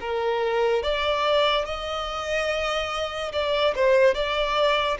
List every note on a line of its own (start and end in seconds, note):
0.00 0.83 A#4
0.83 1.65 D5
1.65 3.32 D#5
3.33 3.74 D5
3.75 4.14 C5
4.14 4.97 D5